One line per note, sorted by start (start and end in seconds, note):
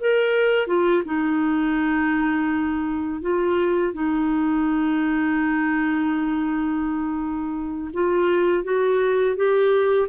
0.00 0.67 A#4
0.67 1.03 F4
1.05 3.21 D#4
3.21 3.93 F4
3.93 7.91 D#4
7.93 8.64 F4
8.64 9.36 F#4
9.36 10.08 G4